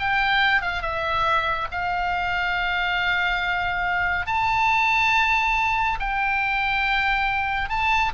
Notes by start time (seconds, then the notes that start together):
0.00 G5
0.62 F5
0.83 E5
1.72 F5
4.27 A5
6.00 G5
7.70 A5